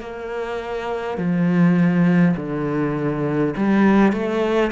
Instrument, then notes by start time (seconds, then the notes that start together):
cello
0.00 A#3
1.17 F3
2.36 D3
3.57 G3
4.12 A3